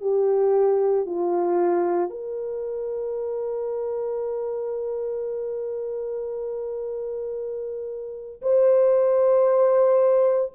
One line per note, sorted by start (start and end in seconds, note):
0.00 1.05 G4
1.06 2.09 F4
2.09 8.41 A#4
8.41 10.52 C5